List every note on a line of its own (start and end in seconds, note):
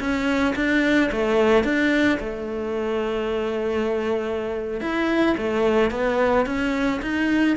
0.00 0.55 C#4
0.56 1.11 D4
1.12 1.64 A3
1.64 2.19 D4
2.20 4.81 A3
4.81 5.36 E4
5.38 5.91 A3
5.91 6.46 B3
6.46 7.01 C#4
7.02 7.57 D#4